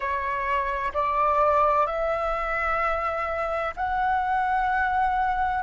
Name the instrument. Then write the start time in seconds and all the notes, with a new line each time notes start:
flute
0.00 C#5
0.93 D5
1.86 E5
3.76 F#5